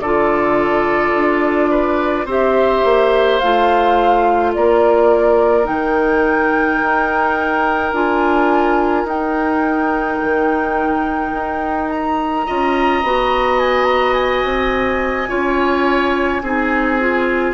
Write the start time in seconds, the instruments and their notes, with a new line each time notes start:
0.00 bassoon D3, clarinet F4, oboe A4, flute D5
1.14 bassoon D4
1.71 oboe B4
2.25 bassoon C4, clarinet G4, oboe C5, flute E5
2.84 bassoon A#3
3.39 bassoon A3, clarinet F4, flute F5
4.53 bassoon A#3, oboe A#4, flute D5
5.64 bassoon D#3, clarinet D#4, flute G5
6.81 bassoon D#4
7.92 bassoon D4, clarinet F4, flute G#5
9.04 bassoon D#4, clarinet D#4, flute G5
10.22 bassoon D#3
11.32 bassoon D#4
11.90 flute A#5
12.46 bassoon C#4, clarinet F4, oboe D#5
13.03 bassoon B3, clarinet F#4
13.59 flute G#5
13.84 flute A#5
14.13 flute G#5
14.44 bassoon C4
15.28 bassoon C#4, clarinet F4, oboe C#5
16.42 bassoon C4, clarinet D#4, oboe G#4
17.00 clarinet F4